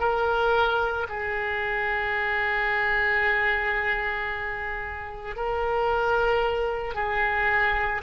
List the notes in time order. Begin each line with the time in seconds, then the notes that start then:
0.00 A#4
1.09 G#4
5.36 A#4
6.95 G#4